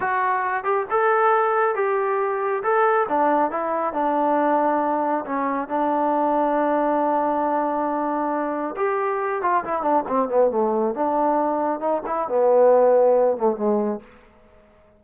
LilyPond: \new Staff \with { instrumentName = "trombone" } { \time 4/4 \tempo 4 = 137 fis'4. g'8 a'2 | g'2 a'4 d'4 | e'4 d'2. | cis'4 d'2.~ |
d'1 | g'4. f'8 e'8 d'8 c'8 b8 | a4 d'2 dis'8 e'8 | b2~ b8 a8 gis4 | }